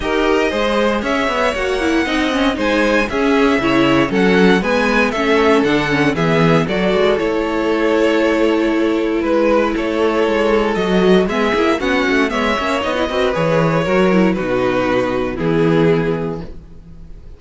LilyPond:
<<
  \new Staff \with { instrumentName = "violin" } { \time 4/4 \tempo 4 = 117 dis''2 e''4 fis''4~ | fis''4 gis''4 e''2 | fis''4 gis''4 e''4 fis''4 | e''4 d''4 cis''2~ |
cis''2 b'4 cis''4~ | cis''4 dis''4 e''4 fis''4 | e''4 dis''4 cis''2 | b'2 gis'2 | }
  \new Staff \with { instrumentName = "violin" } { \time 4/4 ais'4 c''4 cis''2 | dis''4 c''4 gis'4 cis''4 | a'4 b'4 a'2 | gis'4 a'2.~ |
a'2 b'4 a'4~ | a'2 gis'4 fis'4 | cis''4. b'4. ais'4 | fis'2 e'2 | }
  \new Staff \with { instrumentName = "viola" } { \time 4/4 g'4 gis'2 fis'8 e'8 | dis'8 cis'8 dis'4 cis'4 e'4 | cis'4 b4 cis'4 d'8 cis'8 | b4 fis'4 e'2~ |
e'1~ | e'4 fis'4 b8 e'8 cis'4 | b8 cis'8 dis'16 e'16 fis'8 gis'4 fis'8 e'8 | dis'2 b2 | }
  \new Staff \with { instrumentName = "cello" } { \time 4/4 dis'4 gis4 cis'8 b8 ais4 | c'4 gis4 cis'4 cis4 | fis4 gis4 a4 d4 | e4 fis8 gis8 a2~ |
a2 gis4 a4 | gis4 fis4 gis8 ais8 b8 a8 | gis8 ais8 b8 c'8 e4 fis4 | b,2 e2 | }
>>